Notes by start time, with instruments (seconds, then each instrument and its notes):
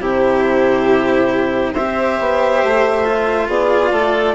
0.00 bassoon C3, cello E4, violin G4, clarinet C5
1.74 bassoon C4, cello G4, violin C5, clarinet E5
2.20 bassoon B3
2.64 bassoon A3
3.04 cello F4
3.48 bassoon B3, violin G#4, clarinet D5
3.92 bassoon A3, violin A4